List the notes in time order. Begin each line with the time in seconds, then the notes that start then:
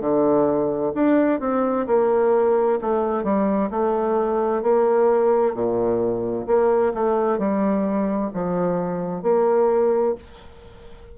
0.00 D3
0.94 D4
1.40 C4
1.86 A#3
2.81 A3
3.23 G3
3.70 A3
4.62 A#3
5.53 A#2
6.46 A#3
6.94 A3
7.38 G3
8.33 F3
9.22 A#3